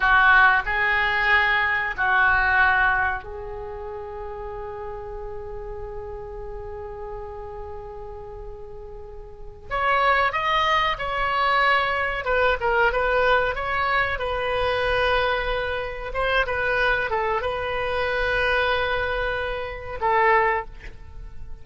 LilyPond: \new Staff \with { instrumentName = "oboe" } { \time 4/4 \tempo 4 = 93 fis'4 gis'2 fis'4~ | fis'4 gis'2.~ | gis'1~ | gis'2. cis''4 |
dis''4 cis''2 b'8 ais'8 | b'4 cis''4 b'2~ | b'4 c''8 b'4 a'8 b'4~ | b'2. a'4 | }